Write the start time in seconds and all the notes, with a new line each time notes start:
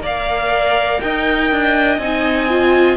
0.00 A#3 A#4 D5 F5
1.01 D#4 D#5 G5
1.52 D4
1.98 C4 D#4 G#5
2.49 F4